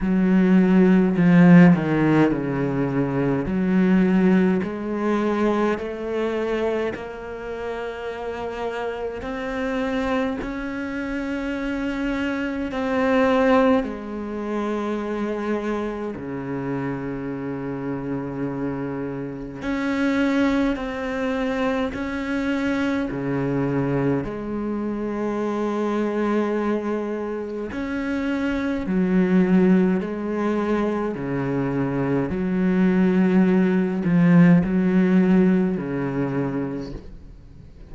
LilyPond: \new Staff \with { instrumentName = "cello" } { \time 4/4 \tempo 4 = 52 fis4 f8 dis8 cis4 fis4 | gis4 a4 ais2 | c'4 cis'2 c'4 | gis2 cis2~ |
cis4 cis'4 c'4 cis'4 | cis4 gis2. | cis'4 fis4 gis4 cis4 | fis4. f8 fis4 cis4 | }